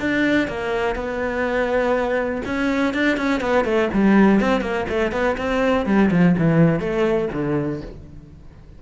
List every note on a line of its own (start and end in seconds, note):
0.00 0.48 D4
0.48 0.95 A#3
0.95 2.42 B3
2.45 2.94 C#4
2.94 3.17 D4
3.17 3.41 C#4
3.41 3.65 B3
3.65 3.89 A3
3.93 4.40 G3
4.40 4.61 C4
4.61 4.86 A#3
4.89 5.12 A3
5.12 5.36 B3
5.38 5.86 C4
5.86 6.10 G3
6.11 6.36 F3
6.38 6.80 E3
6.80 7.29 A3
7.33 7.82 D3